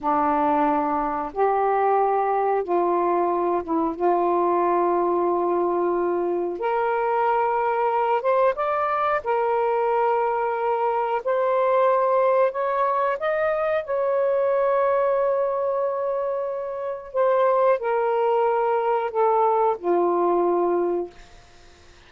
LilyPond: \new Staff \with { instrumentName = "saxophone" } { \time 4/4 \tempo 4 = 91 d'2 g'2 | f'4. e'8 f'2~ | f'2 ais'2~ | ais'8 c''8 d''4 ais'2~ |
ais'4 c''2 cis''4 | dis''4 cis''2.~ | cis''2 c''4 ais'4~ | ais'4 a'4 f'2 | }